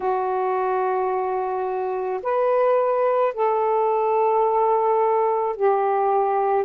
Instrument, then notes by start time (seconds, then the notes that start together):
saxophone
0.00 F#4
2.22 B4
3.34 A4
5.56 G4